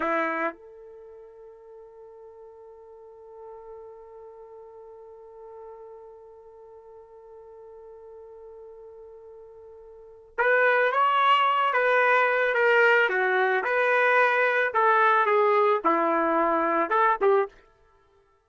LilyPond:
\new Staff \with { instrumentName = "trumpet" } { \time 4/4 \tempo 4 = 110 e'4 a'2.~ | a'1~ | a'1~ | a'1~ |
a'2. b'4 | cis''4. b'4. ais'4 | fis'4 b'2 a'4 | gis'4 e'2 a'8 g'8 | }